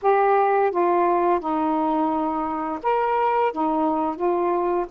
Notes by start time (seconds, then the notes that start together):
0.02 G4
0.71 F4
1.39 D#4
2.83 A#4
3.52 D#4
4.16 F4